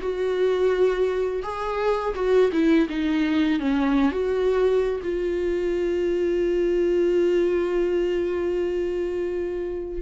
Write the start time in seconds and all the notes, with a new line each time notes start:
0.00 F#4
1.43 G#4
2.15 F#4
2.52 E4
2.89 D#4
3.59 C#4
4.11 F#4
5.03 F4